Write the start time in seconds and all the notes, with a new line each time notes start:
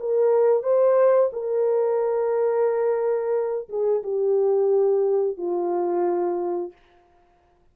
0.00 A#4
0.63 C5
1.33 A#4
3.69 G#4
4.03 G4
5.37 F4